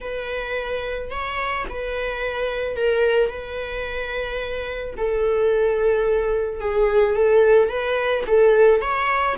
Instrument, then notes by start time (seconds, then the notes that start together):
viola
0.01 B4
1.10 C#5
1.69 B4
2.76 A#4
3.29 B4
4.97 A4
6.60 G#4
7.15 A4
7.69 B4
8.26 A4
8.81 C#5